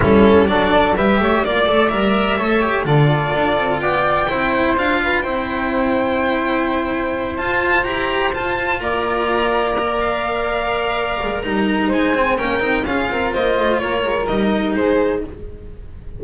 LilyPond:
<<
  \new Staff \with { instrumentName = "violin" } { \time 4/4 \tempo 4 = 126 a'4 d''4 e''4 d''4 | e''2 d''2 | g''2 f''4 g''4~ | g''2.~ g''8 a''8~ |
a''8 ais''4 a''4 ais''4.~ | ais''4 f''2. | ais''4 gis''4 g''4 f''4 | dis''4 cis''4 dis''4 c''4 | }
  \new Staff \with { instrumentName = "flute" } { \time 4/4 e'4 a'4 b'8 cis''8 d''4~ | d''4 cis''4 a'2 | d''4 c''4. b'8 c''4~ | c''1~ |
c''2~ c''8 d''4.~ | d''1 | ais'4 c''4 ais'4 gis'8 ais'8 | c''4 ais'2 gis'4 | }
  \new Staff \with { instrumentName = "cello" } { \time 4/4 cis'4 d'4 g'4 f'8 a'8 | ais'4 a'8 g'8 f'2~ | f'4 e'4 f'4 e'4~ | e'2.~ e'8 f'8~ |
f'8 g'4 f'2~ f'8~ | f'8 ais'2.~ ais'8 | dis'4. c'8 cis'8 dis'8 f'4~ | f'2 dis'2 | }
  \new Staff \with { instrumentName = "double bass" } { \time 4/4 g4 fis4 g8 a8 ais8 a8 | g4 a4 d4 d'8 c'8 | b4 c'4 d'4 c'4~ | c'2.~ c'8 f'8~ |
f'8 e'4 f'4 ais4.~ | ais2.~ ais8 gis8 | g4 gis4 ais8 c'8 cis'8 c'8 | ais8 a8 ais8 gis8 g4 gis4 | }
>>